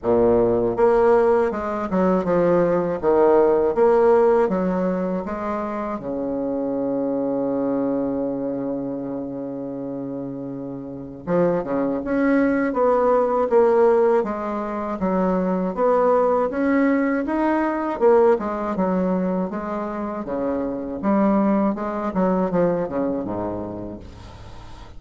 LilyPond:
\new Staff \with { instrumentName = "bassoon" } { \time 4/4 \tempo 4 = 80 ais,4 ais4 gis8 fis8 f4 | dis4 ais4 fis4 gis4 | cis1~ | cis2. f8 cis8 |
cis'4 b4 ais4 gis4 | fis4 b4 cis'4 dis'4 | ais8 gis8 fis4 gis4 cis4 | g4 gis8 fis8 f8 cis8 gis,4 | }